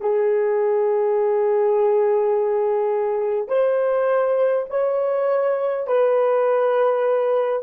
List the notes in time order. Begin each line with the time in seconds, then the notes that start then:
0.00 G#4
3.48 C5
4.70 C#5
5.87 B4